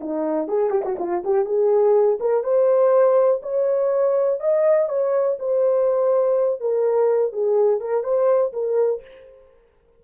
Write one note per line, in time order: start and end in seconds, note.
0.00 0.48 D#4
0.48 0.70 G#4
0.70 0.82 G4
0.84 0.97 F#4
0.99 1.23 F4
1.24 1.45 G4
1.45 2.18 G#4
2.20 2.43 A#4
2.43 3.41 C5
3.42 4.40 C#5
4.40 4.88 D#5
4.88 5.37 C#5
5.39 6.60 C5
6.60 7.32 A#4
7.32 7.80 G#4
7.80 8.03 A#4
8.03 8.52 C5
8.53 9.01 A#4